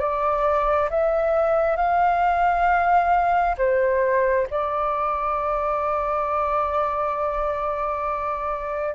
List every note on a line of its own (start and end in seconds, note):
0.00 0.90 D5
0.90 1.77 E5
1.77 3.56 F5
3.58 4.47 C5
4.51 8.95 D5